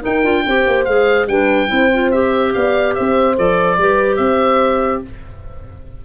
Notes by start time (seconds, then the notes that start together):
0.00 D#4 A#4 G5
0.06 D#4
0.23 D4 F4
0.46 C4 G4 C5
0.67 A#3
0.85 G#3 G#4 F5
1.27 G3 D4 B4 G5
1.68 C4 E4 C5
1.93 F4
2.12 G4 E5
2.53 B3 D5 F5
2.95 C4 C5 E5
3.36 F3 A4 D5
3.78 G3 G4 B4
4.16 C4 C5 E5